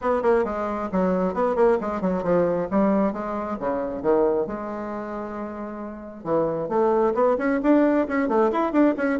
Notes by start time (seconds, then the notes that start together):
0.01 B3
0.22 A#3
0.44 G#3
0.92 F#3
1.34 B3
1.55 A#3
1.80 G#3
2.01 F#3
2.23 F3
2.70 G3
3.12 G#3
3.59 C#3
4.02 D#3
4.47 G#3
6.23 E3
6.69 A3
7.14 B3
7.38 C#4
7.62 D4
8.08 C#4
8.28 A3
8.52 E4
8.72 D4
8.97 C#4